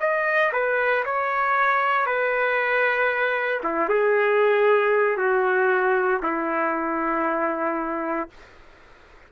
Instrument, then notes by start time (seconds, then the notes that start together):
trumpet
0.00 D#5
0.52 B4
1.05 C#5
2.06 B4
3.63 E4
3.89 G#4
5.17 F#4
6.23 E4